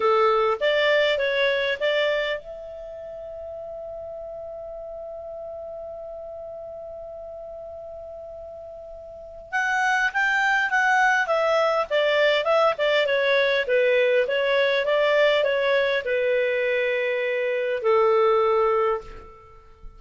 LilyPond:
\new Staff \with { instrumentName = "clarinet" } { \time 4/4 \tempo 4 = 101 a'4 d''4 cis''4 d''4 | e''1~ | e''1~ | e''1 |
fis''4 g''4 fis''4 e''4 | d''4 e''8 d''8 cis''4 b'4 | cis''4 d''4 cis''4 b'4~ | b'2 a'2 | }